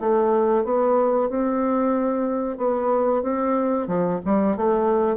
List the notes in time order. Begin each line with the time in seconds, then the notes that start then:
0.00 A3
0.64 B3
1.29 C4
2.57 B3
3.23 C4
3.87 F3
4.25 G3
4.57 A3